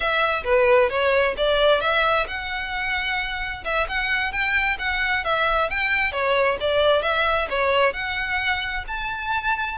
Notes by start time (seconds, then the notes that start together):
0.00 E5
0.44 B4
0.89 C#5
1.37 D5
1.81 E5
2.27 F#5
3.64 E5
3.88 F#5
4.32 G5
4.79 F#5
5.24 E5
5.69 G5
6.12 C#5
6.60 D5
7.02 E5
7.49 C#5
7.93 F#5
8.87 A5